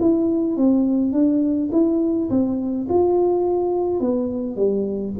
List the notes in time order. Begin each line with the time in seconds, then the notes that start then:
0.00 E4
0.57 C4
1.13 D4
1.72 E4
2.30 C4
2.90 F4
4.00 B3
4.56 G3